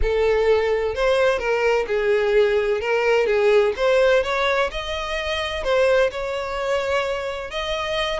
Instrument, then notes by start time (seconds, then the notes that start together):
violin
0.02 A4
0.94 C5
1.38 A#4
1.87 G#4
2.81 A#4
3.26 G#4
3.76 C5
4.23 C#5
4.71 D#5
5.63 C5
6.11 C#5
7.50 D#5